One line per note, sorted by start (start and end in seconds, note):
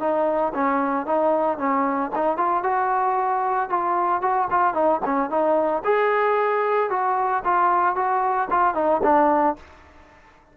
0.00 0.53 D#4
0.54 1.06 C#4
1.06 1.58 D#4
1.58 2.11 C#4
2.16 2.37 D#4
2.37 2.64 F4
2.64 3.70 F#4
3.70 4.22 F4
4.22 4.48 F#4
4.50 4.74 F4
4.74 5.01 D#4
5.05 5.30 C#4
5.30 5.83 D#4
5.85 6.90 G#4
6.90 7.43 F#4
7.45 7.96 F4
7.96 8.49 F#4
8.51 8.75 F4
8.75 9.01 D#4
9.03 9.56 D4